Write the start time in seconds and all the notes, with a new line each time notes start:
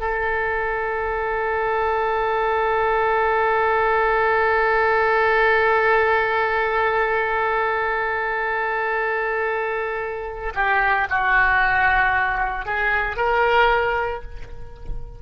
0.00 A4
10.55 G4
11.10 F#4
12.65 G#4
13.16 A#4